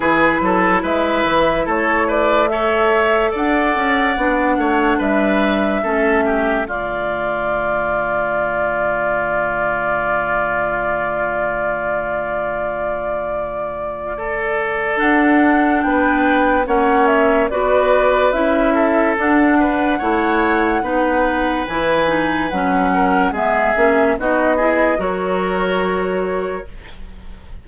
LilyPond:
<<
  \new Staff \with { instrumentName = "flute" } { \time 4/4 \tempo 4 = 72 b'4 e''4 cis''8 d''8 e''4 | fis''2 e''2 | d''1~ | d''1~ |
d''2 fis''4 g''4 | fis''8 e''8 d''4 e''4 fis''4~ | fis''2 gis''4 fis''4 | e''4 dis''4 cis''2 | }
  \new Staff \with { instrumentName = "oboe" } { \time 4/4 gis'8 a'8 b'4 a'8 b'8 cis''4 | d''4. cis''8 b'4 a'8 g'8 | f'1~ | f'1~ |
f'4 a'2 b'4 | cis''4 b'4. a'4 b'8 | cis''4 b'2~ b'8 ais'8 | gis'4 fis'8 gis'8 ais'2 | }
  \new Staff \with { instrumentName = "clarinet" } { \time 4/4 e'2. a'4~ | a'4 d'2 cis'4 | a1~ | a1~ |
a2 d'2 | cis'4 fis'4 e'4 d'4 | e'4 dis'4 e'8 dis'8 cis'4 | b8 cis'8 dis'8 e'8 fis'2 | }
  \new Staff \with { instrumentName = "bassoon" } { \time 4/4 e8 fis8 gis8 e8 a2 | d'8 cis'8 b8 a8 g4 a4 | d1~ | d1~ |
d2 d'4 b4 | ais4 b4 cis'4 d'4 | a4 b4 e4 fis4 | gis8 ais8 b4 fis2 | }
>>